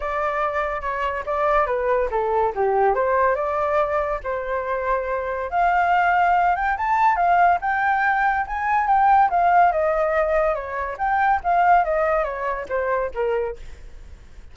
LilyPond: \new Staff \with { instrumentName = "flute" } { \time 4/4 \tempo 4 = 142 d''2 cis''4 d''4 | b'4 a'4 g'4 c''4 | d''2 c''2~ | c''4 f''2~ f''8 g''8 |
a''4 f''4 g''2 | gis''4 g''4 f''4 dis''4~ | dis''4 cis''4 g''4 f''4 | dis''4 cis''4 c''4 ais'4 | }